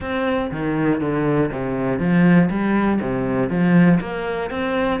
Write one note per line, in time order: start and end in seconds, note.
0.00 0.50 C4
0.51 1.00 D#3
1.00 1.50 D3
1.52 1.99 C3
1.99 2.49 F3
2.50 3.00 G3
3.01 3.49 C3
3.49 3.99 F3
4.00 4.50 A#3
4.50 5.00 C4